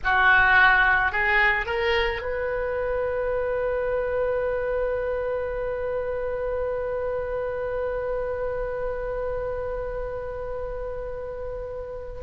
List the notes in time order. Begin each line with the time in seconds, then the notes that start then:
0.04 F#4
1.12 G#4
1.66 A#4
2.21 B4